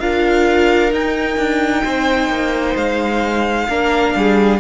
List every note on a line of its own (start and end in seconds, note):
0.00 0.92 D4
0.00 0.91 F4
0.00 1.83 A#4
0.00 0.92 F5
0.91 3.67 D#4
0.91 1.37 D#4
0.91 2.77 G5
1.37 1.83 D4
1.83 2.29 C4
1.83 3.67 C5
2.29 2.75 A#3
2.76 3.68 G#3
2.76 4.60 F5
3.69 4.15 A#3
3.69 4.60 D4
3.69 4.15 A#4
4.15 4.60 G3
4.15 4.60 G#4